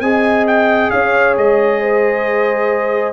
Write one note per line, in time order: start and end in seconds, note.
0.00 0.90 C4
0.00 3.13 G#4
0.00 0.91 D#5
0.00 0.45 G#5
0.47 0.90 G5
0.90 1.37 C#4
0.90 1.81 C#5
0.90 1.35 F5
1.37 3.13 G#3
1.37 3.13 D#5
1.81 3.13 C5